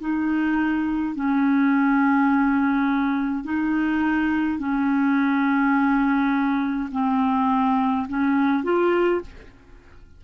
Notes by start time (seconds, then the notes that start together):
0.00 D#4
1.15 C#4
3.45 D#4
4.59 C#4
6.92 C4
8.09 C#4
8.64 F4